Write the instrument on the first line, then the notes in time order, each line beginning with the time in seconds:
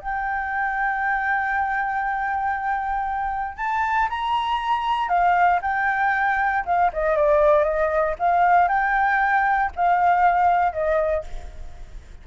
flute
0.00 G5
3.57 A5
4.09 A#5
5.09 F5
5.62 G5
6.65 F5
6.93 D#5
7.16 D5
7.64 D#5
8.19 F5
8.68 G5
9.76 F5
10.72 D#5